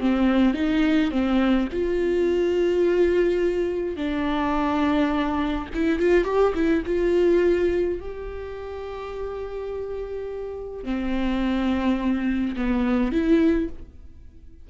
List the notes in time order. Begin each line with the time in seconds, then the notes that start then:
0.00 C4
0.54 D#4
1.11 C4
1.72 F4
3.96 D4
5.74 E4
5.99 F4
6.24 G4
6.55 E4
6.86 F4
8.00 G4
10.84 C4
12.56 B3
13.12 E4